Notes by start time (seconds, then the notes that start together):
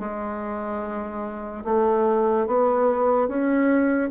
0.00 G#3
1.65 A3
2.47 B3
3.28 C#4